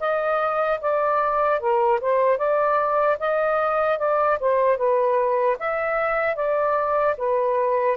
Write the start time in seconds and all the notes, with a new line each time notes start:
0.00 D#5
0.81 D5
1.60 A#4
2.01 C5
2.38 D5
3.20 D#5
3.99 D5
4.40 C5
4.77 B4
5.59 E5
6.36 D5
7.18 B4